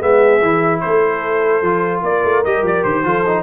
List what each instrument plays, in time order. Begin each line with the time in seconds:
0.00 tuba G#3, trombone B3, horn G#4, trumpet E5
0.42 tuba E3, trombone E4
0.81 tuba A3, horn A4, trumpet C5
1.62 tuba F3, trombone F4
2.03 tuba A#3, horn A#4, trumpet D5
2.24 tuba A3
2.45 tuba G3, trombone G4, trumpet D#5
2.63 tuba F3, trumpet D5
2.84 tuba D#3, trumpet C5
3.05 tuba F3, trombone F4, horn A4
3.27 trombone D#4